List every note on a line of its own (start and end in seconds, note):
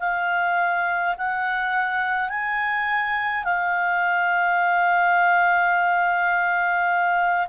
0.00 1.15 F5
1.18 2.30 F#5
2.30 3.44 G#5
3.44 7.48 F5